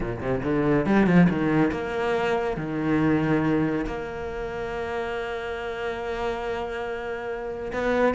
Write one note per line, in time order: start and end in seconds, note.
0.00 0.20 A#2
0.20 0.42 C3
0.43 0.86 D3
0.86 1.06 G3
1.06 1.27 F3
1.29 1.71 D#3
1.71 2.57 A#3
2.57 3.85 D#3
3.86 7.72 A#3
7.73 8.14 B3